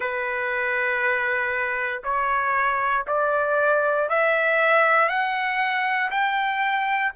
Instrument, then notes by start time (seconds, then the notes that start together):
trumpet
0.00 B4
2.03 C#5
3.07 D5
4.09 E5
5.08 F#5
6.10 G5